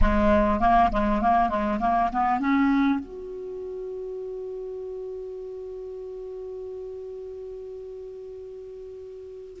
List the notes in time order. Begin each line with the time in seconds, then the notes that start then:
0.01 G#3
0.59 A#3
0.92 G#3
1.21 A#3
1.49 G#3
1.79 A#3
2.12 B3
2.39 C#4
2.99 F#4